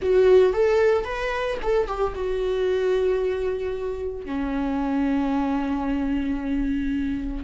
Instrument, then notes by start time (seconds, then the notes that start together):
viola
0.02 F#4
0.53 A4
1.04 B4
1.62 A4
1.87 G4
2.15 F#4
4.25 C#4